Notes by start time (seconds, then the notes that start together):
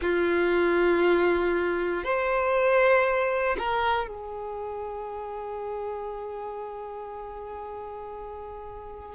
0.01 F4
2.03 C5
3.57 A#4
4.07 G#4